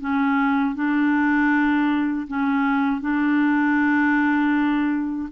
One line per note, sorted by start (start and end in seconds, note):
0.00 0.75 C#4
0.75 2.26 D4
2.27 3.01 C#4
3.01 5.29 D4